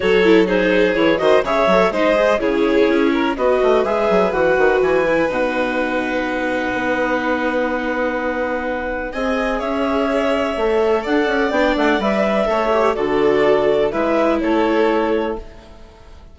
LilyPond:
<<
  \new Staff \with { instrumentName = "clarinet" } { \time 4/4 \tempo 4 = 125 cis''4 c''4 cis''8 dis''8 e''4 | dis''4 cis''2 dis''4 | e''4 fis''4 gis''4 fis''4~ | fis''1~ |
fis''2. gis''4 | e''2. fis''4 | g''8 fis''8 e''2 d''4~ | d''4 e''4 cis''2 | }
  \new Staff \with { instrumentName = "violin" } { \time 4/4 a'4 gis'4. c''8 cis''4 | c''4 gis'4. ais'8 b'4~ | b'1~ | b'1~ |
b'2. dis''4 | cis''2. d''4~ | d''2 cis''4 a'4~ | a'4 b'4 a'2 | }
  \new Staff \with { instrumentName = "viola" } { \time 4/4 fis'8 e'8 dis'4 e'8 fis'8 gis'8 a'8 | dis'8 gis'8 e'2 fis'4 | gis'4 fis'4. e'8 dis'4~ | dis'1~ |
dis'2. gis'4~ | gis'2 a'2 | d'4 b'4 a'8 g'8 fis'4~ | fis'4 e'2. | }
  \new Staff \with { instrumentName = "bassoon" } { \time 4/4 fis2 e8 dis8 cis8 fis8 | gis4 cis4 cis'4 b8 a8 | gis8 fis8 e8 dis8 e4 b,4~ | b,2 b2~ |
b2. c'4 | cis'2 a4 d'8 cis'8 | b8 a8 g4 a4 d4~ | d4 gis4 a2 | }
>>